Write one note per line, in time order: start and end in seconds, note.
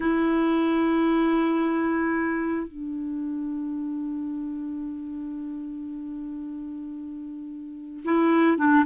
0.00 2.67 E4
2.67 8.03 D4
8.04 8.57 E4
8.57 8.84 D4